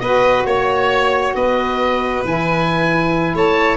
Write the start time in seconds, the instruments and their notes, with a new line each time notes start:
0.00 tuba B3, saxophone F#4, violin B4, oboe D#5
0.46 tuba A#3, oboe C#5, violin C#5
1.35 tuba B3, violin B4, oboe D#5
2.25 tuba E3, saxophone E4, oboe G#5
3.35 tuba A3, violin C#5, oboe A5